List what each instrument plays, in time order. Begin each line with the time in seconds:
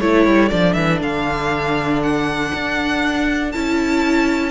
0.00 cello A3, viola E4, clarinet A4, violin C#5
0.26 cello G3
0.49 cello F3, viola D4, violin D5
0.73 cello E3, violin E5
1.01 cello D3, violin F5
2.03 violin F#5
2.54 cello D4
3.52 cello C#4, viola E4, violin A5